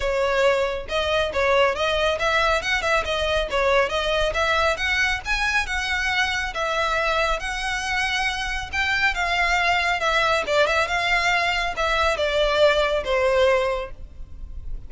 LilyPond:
\new Staff \with { instrumentName = "violin" } { \time 4/4 \tempo 4 = 138 cis''2 dis''4 cis''4 | dis''4 e''4 fis''8 e''8 dis''4 | cis''4 dis''4 e''4 fis''4 | gis''4 fis''2 e''4~ |
e''4 fis''2. | g''4 f''2 e''4 | d''8 e''8 f''2 e''4 | d''2 c''2 | }